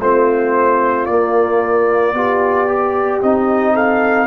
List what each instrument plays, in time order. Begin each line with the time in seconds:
0.00 tuba A3, trombone C4, horn F4, trumpet C5
1.06 tuba A#3, trombone A#3, trumpet D5
2.14 tuba B3, trombone F4, horn G4
2.68 trombone G4
3.22 tuba C4, trombone D#4, trumpet D#5
3.75 horn A4, trumpet F5